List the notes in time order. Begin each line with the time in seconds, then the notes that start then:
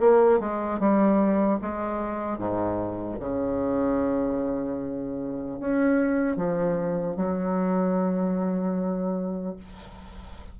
0.00 A#3
0.40 G#3
0.80 G3
1.62 G#3
2.38 G#2
3.20 C#3
5.60 C#4
6.36 F3
7.16 F#3